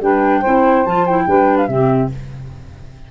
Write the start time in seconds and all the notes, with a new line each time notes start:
0.00 G3 D4 B4 G5
0.40 C4 E4 C5
0.85 F3 F4 A5
1.06 E4 G5
1.27 G3 D4 B4
1.57 F5
1.67 C3 C4 G4 E5